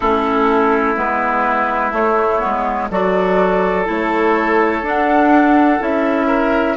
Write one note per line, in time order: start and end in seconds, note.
0.00 0.97 A3
0.00 0.96 C#4
0.00 2.88 E4
0.00 0.95 A4
0.96 1.92 G#3
0.96 1.92 B3
0.96 1.93 B4
1.92 2.40 A3
1.92 2.39 A3
1.92 2.90 C#5
2.39 2.90 G#3
2.39 2.88 B3
2.90 3.87 F#3
2.90 3.85 F#4
2.90 6.26 A4
2.90 3.87 D5
3.85 4.82 A3
3.85 4.81 E4
3.85 4.86 C#5
4.82 5.79 D4
4.82 5.80 D4
4.82 5.82 F#5
5.80 6.76 C#4
5.80 6.76 E4
5.80 6.76 E5
6.26 6.75 A#4